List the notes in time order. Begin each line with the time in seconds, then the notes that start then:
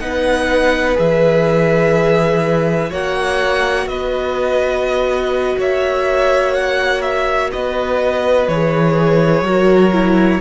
0.00 B3 D#4 B4 F#5
0.94 E3 G#4 E5
2.89 A#3 F#4 C#5 F#5
3.86 B3 B4 D#5
5.58 A#3 C#5 E5
6.54 F#5
7.02 E5
7.51 B3 B4 D#5
8.48 E3 G#4 C#5
9.42 F#3 F#4 A#4
9.93 E4